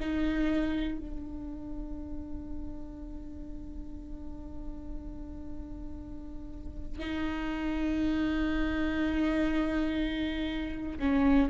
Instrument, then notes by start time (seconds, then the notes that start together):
viola
0.00 D#4
0.99 D4
6.99 D#4
11.00 C#4